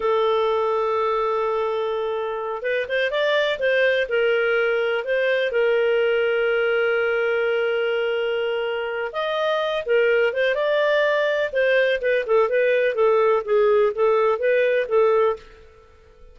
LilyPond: \new Staff \with { instrumentName = "clarinet" } { \time 4/4 \tempo 4 = 125 a'1~ | a'4. b'8 c''8 d''4 c''8~ | c''8 ais'2 c''4 ais'8~ | ais'1~ |
ais'2. dis''4~ | dis''8 ais'4 c''8 d''2 | c''4 b'8 a'8 b'4 a'4 | gis'4 a'4 b'4 a'4 | }